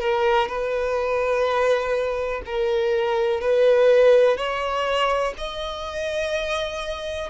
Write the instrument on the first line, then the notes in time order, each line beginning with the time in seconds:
violin
0.00 A#4
0.48 B4
2.46 A#4
3.41 B4
4.37 C#5
5.38 D#5